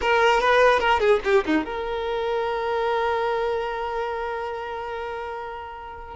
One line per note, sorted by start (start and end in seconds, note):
0.01 0.40 A#4
0.40 0.79 B4
0.79 0.99 A#4
0.99 1.20 G#4
1.24 1.44 G4
1.45 1.65 D#4
1.65 6.16 A#4